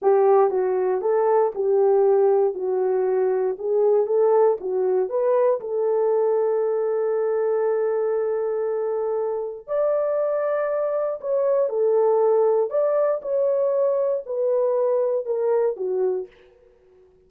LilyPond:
\new Staff \with { instrumentName = "horn" } { \time 4/4 \tempo 4 = 118 g'4 fis'4 a'4 g'4~ | g'4 fis'2 gis'4 | a'4 fis'4 b'4 a'4~ | a'1~ |
a'2. d''4~ | d''2 cis''4 a'4~ | a'4 d''4 cis''2 | b'2 ais'4 fis'4 | }